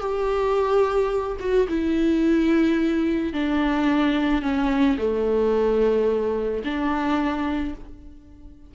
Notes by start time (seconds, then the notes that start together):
0.00 G4
1.40 F#4
1.69 E4
3.34 D4
4.42 C#4
4.98 A3
6.65 D4